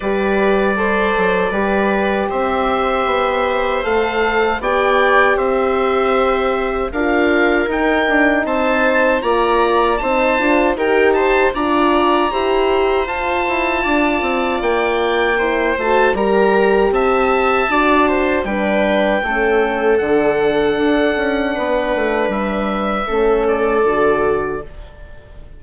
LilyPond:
<<
  \new Staff \with { instrumentName = "oboe" } { \time 4/4 \tempo 4 = 78 d''2. e''4~ | e''4 f''4 g''4 e''4~ | e''4 f''4 g''4 a''4 | ais''4 a''4 g''8 a''8 ais''4~ |
ais''4 a''2 g''4~ | g''8 a''8 ais''4 a''2 | g''2 fis''2~ | fis''4 e''4. d''4. | }
  \new Staff \with { instrumentName = "viola" } { \time 4/4 b'4 c''4 b'4 c''4~ | c''2 d''4 c''4~ | c''4 ais'2 c''4 | d''4 c''4 ais'8 c''8 d''4 |
c''2 d''2 | c''4 ais'4 e''4 d''8 c''8 | b'4 a'2. | b'2 a'2 | }
  \new Staff \with { instrumentName = "horn" } { \time 4/4 g'4 a'4 g'2~ | g'4 a'4 g'2~ | g'4 f'4 dis'2 | f'4 dis'8 f'8 g'4 f'4 |
g'4 f'2. | e'8 fis'8 g'2 fis'4 | d'4 cis'4 d'2~ | d'2 cis'4 fis'4 | }
  \new Staff \with { instrumentName = "bassoon" } { \time 4/4 g4. fis8 g4 c'4 | b4 a4 b4 c'4~ | c'4 d'4 dis'8 d'8 c'4 | ais4 c'8 d'8 dis'4 d'4 |
e'4 f'8 e'8 d'8 c'8 ais4~ | ais8 a8 g4 c'4 d'4 | g4 a4 d4 d'8 cis'8 | b8 a8 g4 a4 d4 | }
>>